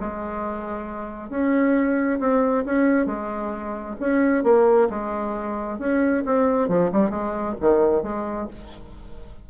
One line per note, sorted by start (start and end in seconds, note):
0.00 1.30 G#3
1.30 2.19 C#4
2.20 2.65 C4
2.65 3.07 C#4
3.07 3.96 G#3
4.00 4.44 C#4
4.44 4.89 A#3
4.90 5.79 G#3
5.79 6.24 C#4
6.26 6.68 C4
6.68 6.91 F3
6.92 7.10 G3
7.10 7.55 G#3
7.61 8.03 D#3
8.03 8.48 G#3